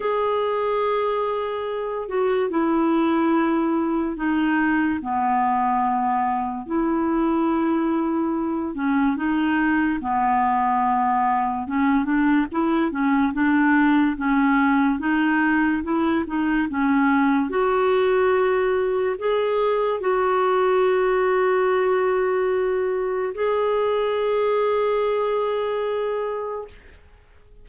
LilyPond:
\new Staff \with { instrumentName = "clarinet" } { \time 4/4 \tempo 4 = 72 gis'2~ gis'8 fis'8 e'4~ | e'4 dis'4 b2 | e'2~ e'8 cis'8 dis'4 | b2 cis'8 d'8 e'8 cis'8 |
d'4 cis'4 dis'4 e'8 dis'8 | cis'4 fis'2 gis'4 | fis'1 | gis'1 | }